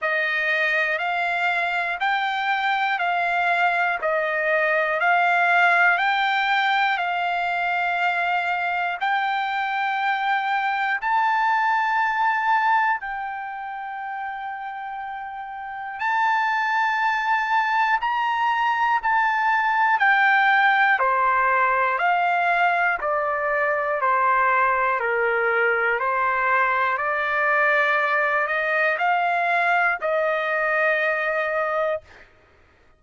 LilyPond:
\new Staff \with { instrumentName = "trumpet" } { \time 4/4 \tempo 4 = 60 dis''4 f''4 g''4 f''4 | dis''4 f''4 g''4 f''4~ | f''4 g''2 a''4~ | a''4 g''2. |
a''2 ais''4 a''4 | g''4 c''4 f''4 d''4 | c''4 ais'4 c''4 d''4~ | d''8 dis''8 f''4 dis''2 | }